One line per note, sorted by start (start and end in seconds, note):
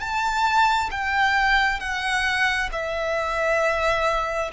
0.00 0.90 A5
0.91 1.80 G5
1.80 2.69 F#5
2.72 4.51 E5